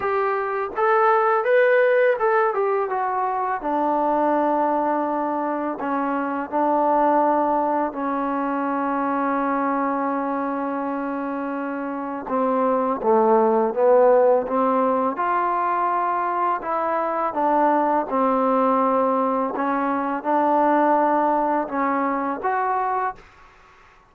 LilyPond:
\new Staff \with { instrumentName = "trombone" } { \time 4/4 \tempo 4 = 83 g'4 a'4 b'4 a'8 g'8 | fis'4 d'2. | cis'4 d'2 cis'4~ | cis'1~ |
cis'4 c'4 a4 b4 | c'4 f'2 e'4 | d'4 c'2 cis'4 | d'2 cis'4 fis'4 | }